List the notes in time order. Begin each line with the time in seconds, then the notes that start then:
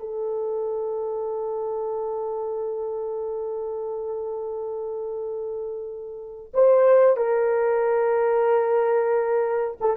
0.00 A4
6.54 C5
7.17 A#4
9.81 A4